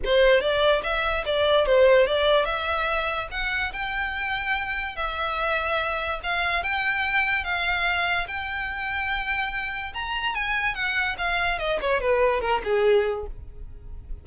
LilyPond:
\new Staff \with { instrumentName = "violin" } { \time 4/4 \tempo 4 = 145 c''4 d''4 e''4 d''4 | c''4 d''4 e''2 | fis''4 g''2. | e''2. f''4 |
g''2 f''2 | g''1 | ais''4 gis''4 fis''4 f''4 | dis''8 cis''8 b'4 ais'8 gis'4. | }